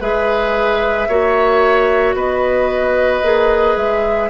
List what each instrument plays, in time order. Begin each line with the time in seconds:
0.00 bassoon G#3, clarinet G#4, oboe B4, flute E5
1.08 bassoon A#3, clarinet F#4, oboe C#5
2.14 bassoon B3, oboe B4, flute D#5
3.22 bassoon A#3, clarinet G#4
3.76 bassoon G#3, flute E5